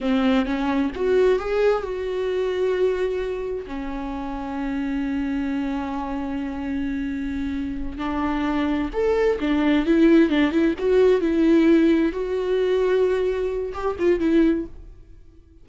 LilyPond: \new Staff \with { instrumentName = "viola" } { \time 4/4 \tempo 4 = 131 c'4 cis'4 fis'4 gis'4 | fis'1 | cis'1~ | cis'1~ |
cis'4. d'2 a'8~ | a'8 d'4 e'4 d'8 e'8 fis'8~ | fis'8 e'2 fis'4.~ | fis'2 g'8 f'8 e'4 | }